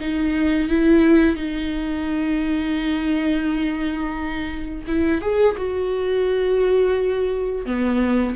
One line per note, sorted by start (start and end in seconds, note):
0.00 0.69 D#4
0.69 1.36 E4
1.36 4.85 D#4
4.88 5.21 E4
5.21 5.56 G#4
5.58 7.66 F#4
7.66 8.36 B3